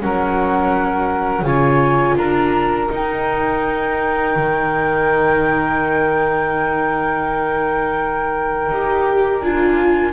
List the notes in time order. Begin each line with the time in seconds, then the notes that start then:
0.00 F#3 C#4 A#4 F#5
1.42 C#3 F4 C#5 G#5
2.17 D4 A#4 A#5
2.89 D#4
2.95 G5
4.36 D#3
8.69 D#4 G4
9.40 D4 F4 G#5